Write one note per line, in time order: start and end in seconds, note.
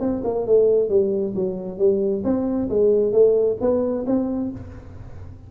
0.00 0.22 C4
0.24 0.46 A#3
0.46 0.89 A3
0.89 1.34 G3
1.35 1.78 F#3
1.78 2.23 G3
2.24 2.69 C4
2.69 3.12 G#3
3.12 3.57 A3
3.61 4.05 B3
4.06 4.51 C4